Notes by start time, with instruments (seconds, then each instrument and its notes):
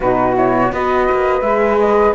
0.00 cello B2, horn D#4, flute F#4 B4
0.34 horn E4, flute C#5
0.72 cello B3, horn F#4, flute B4 D#5
1.11 cello A#3
1.41 cello G#3, horn G#4, flute E5
1.78 flute D#5